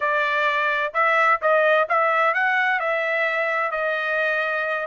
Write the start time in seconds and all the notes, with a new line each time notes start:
0.00 D5
0.93 E5
1.41 D#5
1.88 E5
2.34 F#5
2.79 E5
3.71 D#5